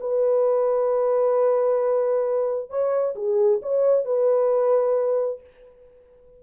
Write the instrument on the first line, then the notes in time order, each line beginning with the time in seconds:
horn
0.00 B4
2.70 C#5
3.15 G#4
3.62 C#5
4.05 B4